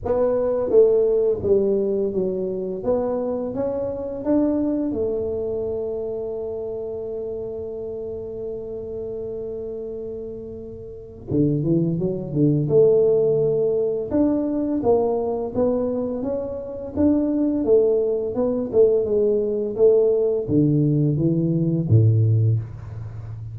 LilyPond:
\new Staff \with { instrumentName = "tuba" } { \time 4/4 \tempo 4 = 85 b4 a4 g4 fis4 | b4 cis'4 d'4 a4~ | a1~ | a1 |
d8 e8 fis8 d8 a2 | d'4 ais4 b4 cis'4 | d'4 a4 b8 a8 gis4 | a4 d4 e4 a,4 | }